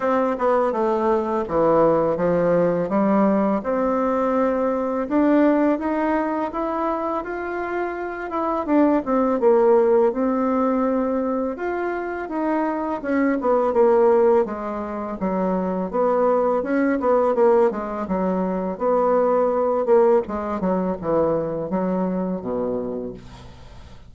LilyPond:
\new Staff \with { instrumentName = "bassoon" } { \time 4/4 \tempo 4 = 83 c'8 b8 a4 e4 f4 | g4 c'2 d'4 | dis'4 e'4 f'4. e'8 | d'8 c'8 ais4 c'2 |
f'4 dis'4 cis'8 b8 ais4 | gis4 fis4 b4 cis'8 b8 | ais8 gis8 fis4 b4. ais8 | gis8 fis8 e4 fis4 b,4 | }